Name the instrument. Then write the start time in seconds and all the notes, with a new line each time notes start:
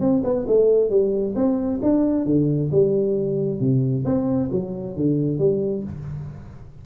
tuba
0.00 C4
0.24 B3
0.47 A3
0.90 G3
1.35 C4
1.82 D4
2.26 D3
2.72 G3
3.60 C3
4.05 C4
4.51 F#3
4.96 D3
5.39 G3